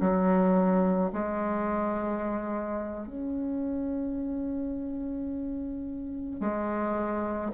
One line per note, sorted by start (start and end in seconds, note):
0.00 1.11 F#3
1.12 3.07 G#3
3.07 6.40 C#4
6.40 7.51 G#3